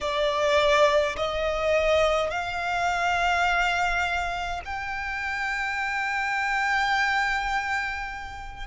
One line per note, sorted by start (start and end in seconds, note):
0.00 1.15 D5
1.16 2.30 D#5
2.30 4.60 F5
4.65 8.66 G5